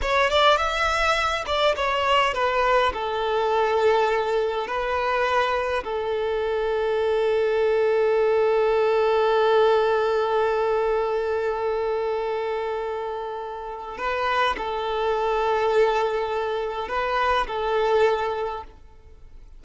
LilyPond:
\new Staff \with { instrumentName = "violin" } { \time 4/4 \tempo 4 = 103 cis''8 d''8 e''4. d''8 cis''4 | b'4 a'2. | b'2 a'2~ | a'1~ |
a'1~ | a'1 | b'4 a'2.~ | a'4 b'4 a'2 | }